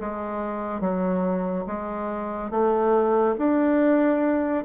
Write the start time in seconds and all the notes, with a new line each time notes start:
0.00 G#3
0.81 F#3
1.66 G#3
2.50 A3
3.38 D4